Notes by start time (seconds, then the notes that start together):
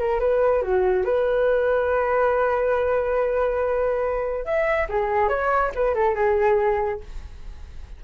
0.00 A#4
0.20 B4
0.62 F#4
1.05 B4
4.45 E5
4.89 G#4
5.29 C#5
5.75 B4
5.95 A4
6.16 G#4